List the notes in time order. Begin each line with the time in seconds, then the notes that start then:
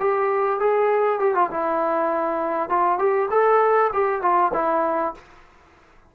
0.00 G4
0.60 G#4
1.20 G4
1.35 F4
1.51 E4
2.69 F4
2.99 G4
3.31 A4
3.93 G4
4.22 F4
4.54 E4